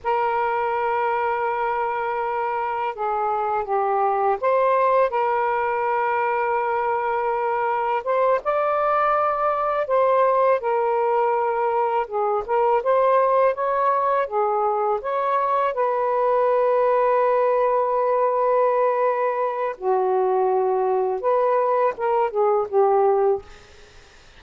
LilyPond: \new Staff \with { instrumentName = "saxophone" } { \time 4/4 \tempo 4 = 82 ais'1 | gis'4 g'4 c''4 ais'4~ | ais'2. c''8 d''8~ | d''4. c''4 ais'4.~ |
ais'8 gis'8 ais'8 c''4 cis''4 gis'8~ | gis'8 cis''4 b'2~ b'8~ | b'2. fis'4~ | fis'4 b'4 ais'8 gis'8 g'4 | }